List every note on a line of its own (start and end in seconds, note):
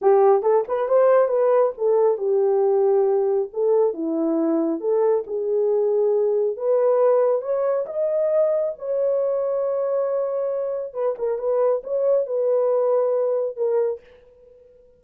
0.01 0.42 G4
0.42 0.64 A4
0.67 0.88 B4
0.88 1.28 C5
1.28 1.72 B4
1.77 2.17 A4
2.17 3.49 G4
3.53 3.93 A4
3.93 4.80 E4
4.80 5.24 A4
5.27 6.56 G#4
6.56 7.41 B4
7.41 7.85 C#5
7.86 8.73 D#5
8.78 10.93 C#5
10.93 11.15 B4
11.18 11.38 A#4
11.38 11.82 B4
11.83 12.26 C#5
12.26 13.56 B4
13.56 14.00 A#4